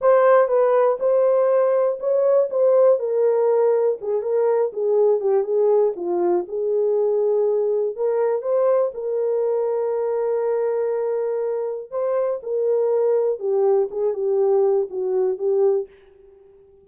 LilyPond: \new Staff \with { instrumentName = "horn" } { \time 4/4 \tempo 4 = 121 c''4 b'4 c''2 | cis''4 c''4 ais'2 | gis'8 ais'4 gis'4 g'8 gis'4 | f'4 gis'2. |
ais'4 c''4 ais'2~ | ais'1 | c''4 ais'2 g'4 | gis'8 g'4. fis'4 g'4 | }